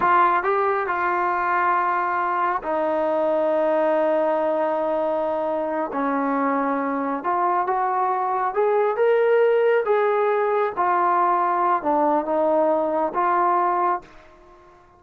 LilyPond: \new Staff \with { instrumentName = "trombone" } { \time 4/4 \tempo 4 = 137 f'4 g'4 f'2~ | f'2 dis'2~ | dis'1~ | dis'4. cis'2~ cis'8~ |
cis'8 f'4 fis'2 gis'8~ | gis'8 ais'2 gis'4.~ | gis'8 f'2~ f'8 d'4 | dis'2 f'2 | }